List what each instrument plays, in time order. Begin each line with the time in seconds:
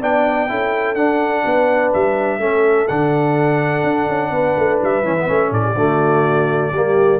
0.00 tuba B3, trombone D4, horn D5, trumpet G5
0.48 tuba C#4, trombone E4, horn A4
0.94 tuba D4, trombone D4, trumpet F#5
1.44 tuba B3, horn B4
1.93 tuba G3, trumpet E5
2.38 tuba A3, trombone C#4, horn A4
2.88 tuba D3, trombone D4, trumpet F#5
3.84 tuba D4
4.08 tuba C#4
4.30 tuba B3, horn B4
4.56 tuba A3
4.82 tuba G3, trumpet E5
5.03 tuba E3, trombone C#4
5.19 trombone B3
5.27 tuba A3, trombone C#4
5.51 tuba A2, horn A4, trumpet D5
5.63 horn G4
5.74 tuba D3, trombone A3, horn F#4
6.71 tuba G3, trombone A#3, horn G4